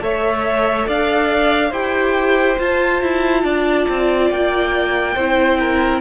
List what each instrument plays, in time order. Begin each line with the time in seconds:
0.00 cello A3, viola A4, violin C#5 E5
0.87 cello D4, violin D5 F5
1.69 cello E4, viola G4, violin C5 G5
2.57 viola F4, cello F4, violin A5
3.02 cello E4
3.43 cello D4, violin D5
3.89 cello C4
4.30 cello A#3, violin G5
5.14 cello C4, viola E4, violin C5
5.59 violin A#4